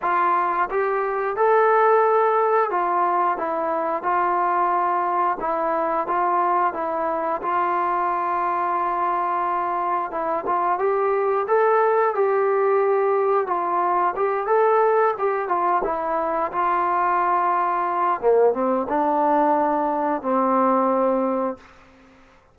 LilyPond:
\new Staff \with { instrumentName = "trombone" } { \time 4/4 \tempo 4 = 89 f'4 g'4 a'2 | f'4 e'4 f'2 | e'4 f'4 e'4 f'4~ | f'2. e'8 f'8 |
g'4 a'4 g'2 | f'4 g'8 a'4 g'8 f'8 e'8~ | e'8 f'2~ f'8 ais8 c'8 | d'2 c'2 | }